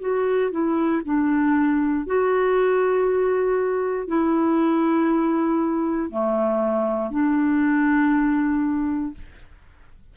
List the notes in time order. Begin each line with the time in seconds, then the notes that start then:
0.00 F#4
0.51 E4
1.04 D4
2.06 F#4
4.08 E4
6.10 A3
7.10 D4